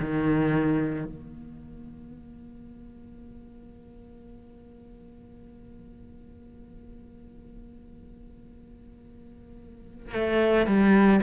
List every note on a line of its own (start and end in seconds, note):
0.00 1.06 D#3
1.06 10.14 A#3
10.14 10.67 A3
10.67 11.21 G3